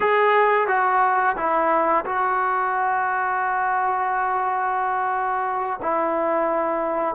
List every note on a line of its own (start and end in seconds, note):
0.00 0.67 G#4
0.67 1.35 F#4
1.36 2.05 E4
2.05 5.80 F#4
5.82 7.15 E4